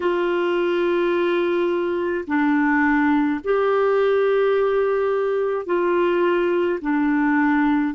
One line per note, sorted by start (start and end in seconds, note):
0.00 2.24 F4
2.27 3.40 D4
3.44 5.66 G4
5.66 6.79 F4
6.81 7.94 D4